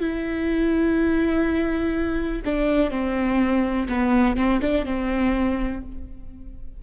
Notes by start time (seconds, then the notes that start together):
0.00 E4
2.45 D4
2.90 C4
3.88 B3
4.36 C4
4.61 D4
4.85 C4